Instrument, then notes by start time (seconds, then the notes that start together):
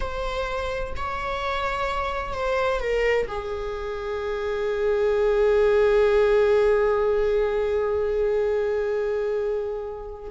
viola
0.00 C5
0.96 C#5
2.33 C5
2.80 A#4
3.27 G#4